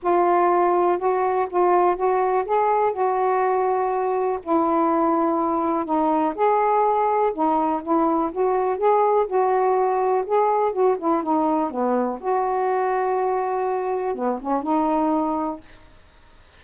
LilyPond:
\new Staff \with { instrumentName = "saxophone" } { \time 4/4 \tempo 4 = 123 f'2 fis'4 f'4 | fis'4 gis'4 fis'2~ | fis'4 e'2. | dis'4 gis'2 dis'4 |
e'4 fis'4 gis'4 fis'4~ | fis'4 gis'4 fis'8 e'8 dis'4 | b4 fis'2.~ | fis'4 b8 cis'8 dis'2 | }